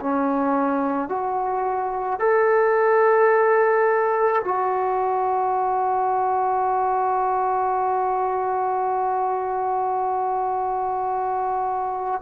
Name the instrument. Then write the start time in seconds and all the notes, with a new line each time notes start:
trombone
0.00 C#4
1.09 F#4
2.19 A4
4.44 F#4